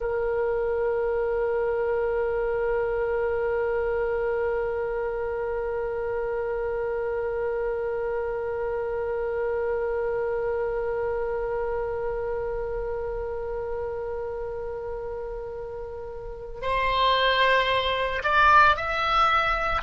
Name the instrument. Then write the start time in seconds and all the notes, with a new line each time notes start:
oboe
0.00 A#4
16.61 C5
18.23 D5
18.76 E5